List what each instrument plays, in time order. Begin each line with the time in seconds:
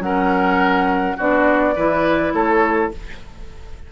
0.00 bassoon F#3, clarinet C#4, oboe A#4, flute F#5
1.17 bassoon B3, clarinet D4, oboe F#4, flute D5
1.75 bassoon E3, clarinet E4, oboe B4
2.33 bassoon A3, oboe A4, flute C#5